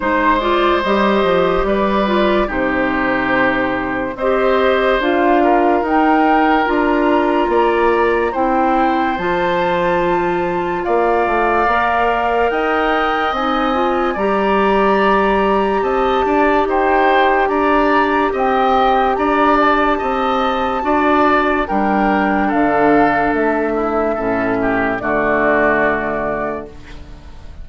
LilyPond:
<<
  \new Staff \with { instrumentName = "flute" } { \time 4/4 \tempo 4 = 72 c''8 d''8 dis''4 d''4 c''4~ | c''4 dis''4 f''4 g''4 | ais''2 g''4 a''4~ | a''4 f''2 g''4 |
gis''4 ais''2 a''4 | g''4 ais''4 g''4 ais''8 a''8~ | a''2 g''4 f''4 | e''2 d''2 | }
  \new Staff \with { instrumentName = "oboe" } { \time 4/4 c''2 b'4 g'4~ | g'4 c''4. ais'4.~ | ais'4 d''4 c''2~ | c''4 d''2 dis''4~ |
dis''4 d''2 dis''8 d''8 | c''4 d''4 dis''4 d''4 | dis''4 d''4 ais'4 a'4~ | a'8 e'8 a'8 g'8 fis'2 | }
  \new Staff \with { instrumentName = "clarinet" } { \time 4/4 dis'8 f'8 g'4. f'8 dis'4~ | dis'4 g'4 f'4 dis'4 | f'2 e'4 f'4~ | f'2 ais'2 |
dis'8 f'8 g'2.~ | g'1~ | g'4 fis'4 d'2~ | d'4 cis'4 a2 | }
  \new Staff \with { instrumentName = "bassoon" } { \time 4/4 gis4 g8 f8 g4 c4~ | c4 c'4 d'4 dis'4 | d'4 ais4 c'4 f4~ | f4 ais8 a8 ais4 dis'4 |
c'4 g2 c'8 d'8 | dis'4 d'4 c'4 d'4 | c'4 d'4 g4 d4 | a4 a,4 d2 | }
>>